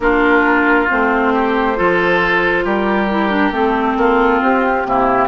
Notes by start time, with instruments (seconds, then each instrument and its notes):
0.00 bassoon A#3, clarinet D4, oboe F4, flute A#4
0.88 bassoon A3, clarinet C4, flute C5
1.33 oboe G4
1.76 bassoon F3, clarinet F4, oboe A4
2.64 bassoon G3, oboe G4, flute A#4
3.09 clarinet E4
3.29 clarinet D4
3.50 bassoon A3, clarinet C4, flute A4
3.96 bassoon A#3, oboe F4
4.42 bassoon C4, flute G4
4.84 bassoon C3, clarinet A#3, oboe E4